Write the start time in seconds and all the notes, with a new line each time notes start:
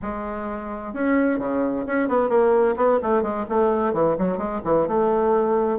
0.02 G#3
0.93 C#4
1.38 C#3
1.86 C#4
2.08 B3
2.29 A#3
2.76 B3
3.02 A3
3.22 G#3
3.49 A3
3.93 E3
4.18 F#3
4.37 G#3
4.64 E3
4.87 A3